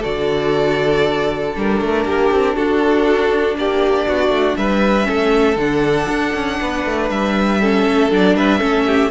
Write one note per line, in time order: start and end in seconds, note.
0.00 1.56 D3
0.00 1.54 F#4
0.00 2.02 A4
0.00 1.55 D5
1.54 1.81 G3
1.54 5.03 D4
1.54 2.56 A#4
1.81 2.05 A3
2.05 2.30 A#3
2.05 2.55 G4
2.31 2.57 C4
2.55 3.56 D4
2.55 3.56 F#4
2.55 3.57 A4
3.56 4.06 A#3
3.56 4.08 G4
3.56 4.57 D5
4.08 4.29 B3
4.08 4.58 F#4
4.29 4.54 A3
4.57 5.08 G3
4.57 5.07 B4
4.57 5.57 E5
5.03 5.56 A3
5.03 5.54 C#4
5.03 6.59 A4
5.56 6.07 D3
5.56 7.61 D4
5.56 7.10 F#5
6.09 6.34 D4
6.34 6.60 C#4
6.61 6.86 B3
6.61 7.61 B4
6.86 7.10 A3
7.10 7.86 G3
7.10 8.11 E5
7.61 8.11 C#4
7.61 8.36 A4
7.86 8.11 A3
8.11 8.35 F#3
8.11 8.59 D4
8.11 8.36 D5
8.35 8.60 G3
8.35 8.59 B4
8.35 9.11 E5
8.59 9.11 A3
8.59 9.10 C#4
8.59 8.84 A4
8.87 9.11 G4